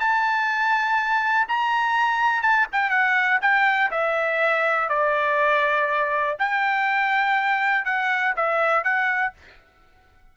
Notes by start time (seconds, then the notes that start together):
0.00 A5
1.48 A#5
2.42 A5
2.73 G5
2.90 F#5
3.42 G5
3.91 E5
4.89 D5
6.39 G5
7.85 F#5
8.36 E5
8.84 F#5